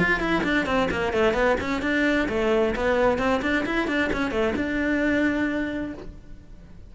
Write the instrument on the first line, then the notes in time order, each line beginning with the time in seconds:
cello
0.00 F4
0.20 E4
0.44 D4
0.66 C4
0.91 A#3
1.13 A3
1.34 B3
1.61 C#4
1.83 D4
2.29 A3
2.76 B3
3.19 C4
3.43 D4
3.66 E4
3.88 D4
4.13 C#4
4.32 A3
4.56 D4